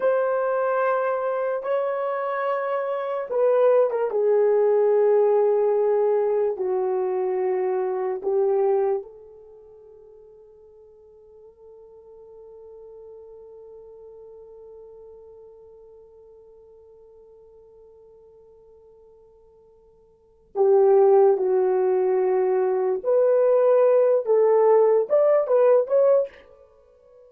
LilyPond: \new Staff \with { instrumentName = "horn" } { \time 4/4 \tempo 4 = 73 c''2 cis''2 | b'8. ais'16 gis'2. | fis'2 g'4 a'4~ | a'1~ |
a'1~ | a'1~ | a'4 g'4 fis'2 | b'4. a'4 d''8 b'8 cis''8 | }